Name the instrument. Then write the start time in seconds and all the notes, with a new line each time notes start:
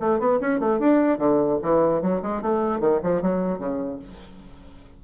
bassoon
0.00 A3
0.19 B3
0.41 C#4
0.60 A3
0.79 D4
1.18 D3
1.62 E3
2.02 F#3
2.23 G#3
2.42 A3
2.80 D#3
3.03 F3
3.22 F#3
3.59 C#3